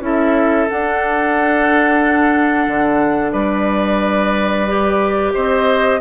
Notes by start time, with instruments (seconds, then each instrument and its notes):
0.00 bassoon C#4, clarinet E4, oboe A4, flute E5
0.68 clarinet D4, bassoon D4, flute F#5
2.67 bassoon D3
3.32 bassoon G3, oboe B4, flute D5
4.67 clarinet G4
5.33 bassoon C4, oboe C5, flute D#5